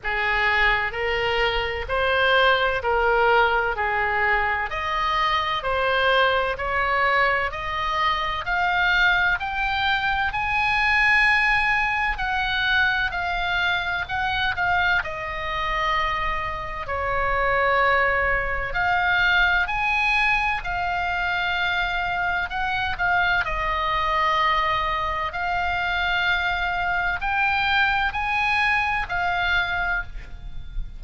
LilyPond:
\new Staff \with { instrumentName = "oboe" } { \time 4/4 \tempo 4 = 64 gis'4 ais'4 c''4 ais'4 | gis'4 dis''4 c''4 cis''4 | dis''4 f''4 g''4 gis''4~ | gis''4 fis''4 f''4 fis''8 f''8 |
dis''2 cis''2 | f''4 gis''4 f''2 | fis''8 f''8 dis''2 f''4~ | f''4 g''4 gis''4 f''4 | }